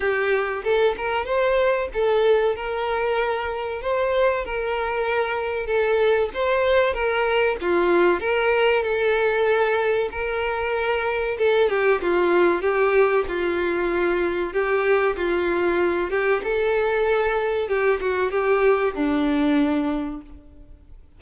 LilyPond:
\new Staff \with { instrumentName = "violin" } { \time 4/4 \tempo 4 = 95 g'4 a'8 ais'8 c''4 a'4 | ais'2 c''4 ais'4~ | ais'4 a'4 c''4 ais'4 | f'4 ais'4 a'2 |
ais'2 a'8 g'8 f'4 | g'4 f'2 g'4 | f'4. g'8 a'2 | g'8 fis'8 g'4 d'2 | }